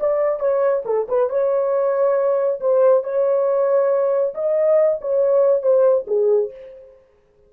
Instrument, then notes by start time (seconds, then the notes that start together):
horn
0.00 D5
0.40 C#5
0.85 A4
1.08 B4
1.29 C#5
2.60 C5
3.04 C#5
4.34 D#5
5.01 C#5
5.62 C5
6.07 G#4